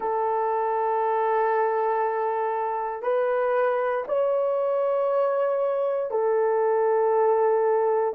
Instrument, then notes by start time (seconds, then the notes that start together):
horn
0.00 A4
3.02 B4
4.07 C#5
6.10 A4